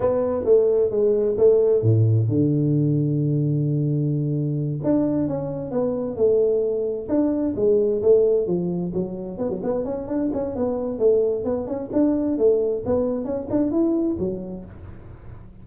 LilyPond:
\new Staff \with { instrumentName = "tuba" } { \time 4/4 \tempo 4 = 131 b4 a4 gis4 a4 | a,4 d2.~ | d2~ d8 d'4 cis'8~ | cis'8 b4 a2 d'8~ |
d'8 gis4 a4 f4 fis8~ | fis8 b16 fis16 b8 cis'8 d'8 cis'8 b4 | a4 b8 cis'8 d'4 a4 | b4 cis'8 d'8 e'4 fis4 | }